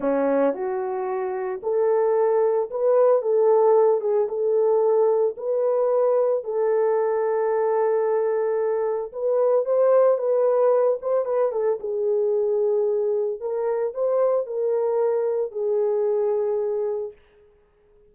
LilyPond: \new Staff \with { instrumentName = "horn" } { \time 4/4 \tempo 4 = 112 cis'4 fis'2 a'4~ | a'4 b'4 a'4. gis'8 | a'2 b'2 | a'1~ |
a'4 b'4 c''4 b'4~ | b'8 c''8 b'8 a'8 gis'2~ | gis'4 ais'4 c''4 ais'4~ | ais'4 gis'2. | }